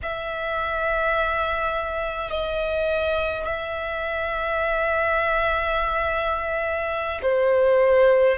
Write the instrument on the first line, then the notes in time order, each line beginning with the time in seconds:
violin
0.02 E5
2.30 D#5
3.46 E5
7.22 C5